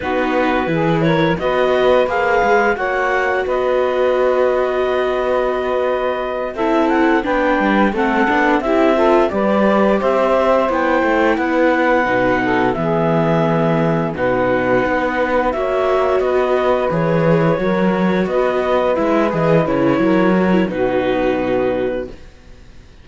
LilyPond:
<<
  \new Staff \with { instrumentName = "clarinet" } { \time 4/4 \tempo 4 = 87 b'4. cis''8 dis''4 f''4 | fis''4 dis''2.~ | dis''4. e''8 fis''8 g''4 fis''8~ | fis''8 e''4 d''4 e''4 g''8~ |
g''8 fis''2 e''4.~ | e''8 fis''2 e''4 dis''8~ | dis''8 cis''2 dis''4 e''8 | dis''8 cis''4. b'2 | }
  \new Staff \with { instrumentName = "saxophone" } { \time 4/4 fis'4 gis'8 ais'8 b'2 | cis''4 b'2.~ | b'4. a'4 b'4 a'8~ | a'8 g'8 a'8 b'4 c''4.~ |
c''8 b'4. a'8 gis'4.~ | gis'8 b'2 cis''4 b'8~ | b'4. ais'4 b'4.~ | b'4 ais'4 fis'2 | }
  \new Staff \with { instrumentName = "viola" } { \time 4/4 dis'4 e'4 fis'4 gis'4 | fis'1~ | fis'4. e'4 d'4 c'8 | d'8 e'8 f'8 g'2 e'8~ |
e'4. dis'4 b4.~ | b8 dis'2 fis'4.~ | fis'8 gis'4 fis'2 e'8 | gis'8 e'4 fis'16 e'16 dis'2 | }
  \new Staff \with { instrumentName = "cello" } { \time 4/4 b4 e4 b4 ais8 gis8 | ais4 b2.~ | b4. c'4 b8 g8 a8 | b8 c'4 g4 c'4 b8 |
a8 b4 b,4 e4.~ | e8 b,4 b4 ais4 b8~ | b8 e4 fis4 b4 gis8 | e8 cis8 fis4 b,2 | }
>>